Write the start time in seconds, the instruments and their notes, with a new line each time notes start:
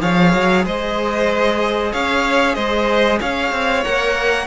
0.00 cello F3, viola G#4, violin C#5 F5
0.34 cello F#3
0.65 cello G#3, violin C5 D#5
1.93 cello C#4, violin C#5 F5
2.55 cello G#3, violin C5 D#5
3.21 cello C#4, violin C#5 F5
3.52 cello C4
3.85 cello A#3, viola A#4, violin F#5